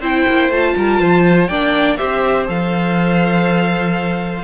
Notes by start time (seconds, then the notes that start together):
0.00 C4 E4 C5 G5
0.28 A#3
0.49 A3 F4 A5
0.76 G3 A#4
1.00 F3 C5
1.47 A#3 D4 D5 G5
1.97 C4 G4 C5 E5
2.47 F3 A4 F5